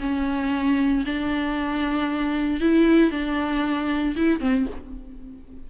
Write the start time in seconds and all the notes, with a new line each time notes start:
0.00 C#4
1.06 D4
2.61 E4
3.11 D4
4.16 E4
4.41 C4